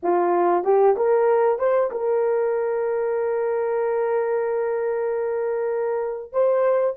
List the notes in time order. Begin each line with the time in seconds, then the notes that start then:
0.03 F4
0.64 G4
0.96 A#4
1.58 C5
1.91 A#4
6.32 C5